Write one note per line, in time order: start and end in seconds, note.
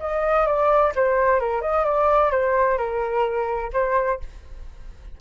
0.00 0.47 D#5
0.47 0.93 D5
0.96 1.40 C5
1.40 1.62 A#4
1.62 1.85 D#5
1.85 2.32 D5
2.32 2.78 C5
2.78 3.71 A#4
3.74 4.20 C5